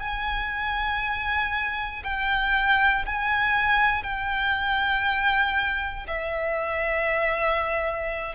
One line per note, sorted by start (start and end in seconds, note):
0.00 2.03 G#5
2.04 3.06 G5
3.06 4.04 G#5
4.04 6.07 G5
6.08 8.36 E5